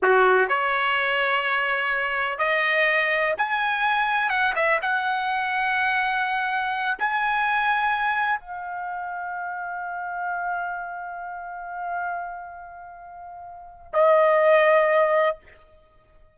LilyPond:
\new Staff \with { instrumentName = "trumpet" } { \time 4/4 \tempo 4 = 125 fis'4 cis''2.~ | cis''4 dis''2 gis''4~ | gis''4 fis''8 e''8 fis''2~ | fis''2~ fis''8 gis''4.~ |
gis''4. f''2~ f''8~ | f''1~ | f''1~ | f''4 dis''2. | }